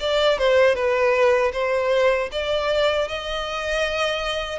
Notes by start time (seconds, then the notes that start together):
0.00 D5
0.38 C5
0.75 B4
1.53 C5
2.32 D5
3.09 D#5